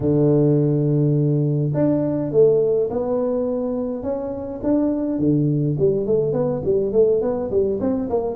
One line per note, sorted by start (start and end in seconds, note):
0.00 1.72 D3
1.74 2.31 D4
2.31 2.89 A3
2.90 4.02 B3
4.02 4.60 C#4
4.63 5.18 D4
5.18 5.76 D3
5.78 6.06 G3
6.06 6.33 A3
6.33 6.61 B3
6.64 6.92 G3
6.92 7.21 A3
7.21 7.50 B3
7.50 7.79 G3
7.80 8.09 C4
8.09 8.35 A#3